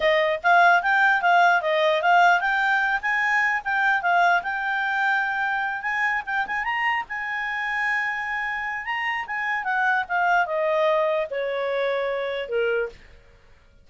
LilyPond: \new Staff \with { instrumentName = "clarinet" } { \time 4/4 \tempo 4 = 149 dis''4 f''4 g''4 f''4 | dis''4 f''4 g''4. gis''8~ | gis''4 g''4 f''4 g''4~ | g''2~ g''8 gis''4 g''8 |
gis''8 ais''4 gis''2~ gis''8~ | gis''2 ais''4 gis''4 | fis''4 f''4 dis''2 | cis''2. ais'4 | }